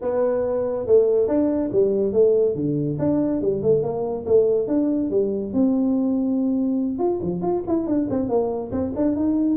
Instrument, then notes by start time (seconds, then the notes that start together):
tuba
0.01 B3
0.86 A3
1.28 D4
1.72 G3
2.12 A3
2.55 D3
2.98 D4
3.41 G3
3.62 A3
3.82 A#3
4.26 A3
4.67 D4
5.10 G3
5.53 C4
6.98 F4
7.22 F3
7.41 F4
7.67 E4
7.86 D4
8.10 C4
8.28 A#3
8.71 C4
8.96 D4
9.15 D#4